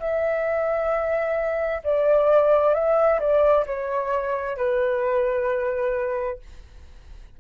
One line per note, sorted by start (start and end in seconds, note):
0.00 1.82 E5
1.84 2.74 D5
2.74 3.20 E5
3.20 3.66 D5
3.67 4.57 C#5
4.57 6.39 B4